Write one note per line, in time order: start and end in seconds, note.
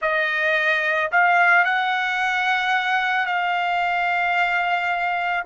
0.01 1.11 D#5
1.12 1.65 F5
1.65 3.25 F#5
3.25 5.43 F5